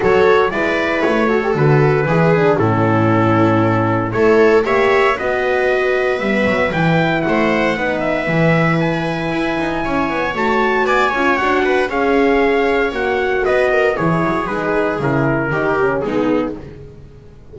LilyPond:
<<
  \new Staff \with { instrumentName = "trumpet" } { \time 4/4 \tempo 4 = 116 cis''4 d''4 cis''4 b'4~ | b'4 a'2. | cis''4 e''4 dis''2 | e''4 g''4 fis''4. e''8~ |
e''4 gis''2. | a''4 gis''4 fis''4 f''4~ | f''4 fis''4 dis''4 cis''4 | b'4 ais'2 gis'4 | }
  \new Staff \with { instrumentName = "viola" } { \time 4/4 a'4 b'4. a'4. | gis'4 e'2. | a'4 cis''4 b'2~ | b'2 c''4 b'4~ |
b'2. cis''4~ | cis''4 d''8 cis''4 b'8 cis''4~ | cis''2 b'8 ais'8 gis'4~ | gis'2 g'4 dis'4 | }
  \new Staff \with { instrumentName = "horn" } { \time 4/4 fis'4 e'4. fis'16 g'16 fis'4 | e'8 d'8 cis'2. | e'4 g'4 fis'2 | b4 e'2 dis'4 |
e'1 | fis'4. f'8 fis'4 gis'4~ | gis'4 fis'2 e'4 | dis'4 e'4 dis'8 cis'8 b4 | }
  \new Staff \with { instrumentName = "double bass" } { \time 4/4 fis4 gis4 a4 d4 | e4 a,2. | a4 ais4 b2 | g8 fis8 e4 a4 b4 |
e2 e'8 dis'8 cis'8 b8 | a4 b8 cis'8 d'4 cis'4~ | cis'4 ais4 b4 e8 fis8 | gis4 cis4 dis4 gis4 | }
>>